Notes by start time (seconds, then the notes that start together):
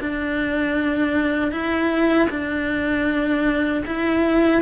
0.00 D4
1.51 E4
2.29 D4
3.86 E4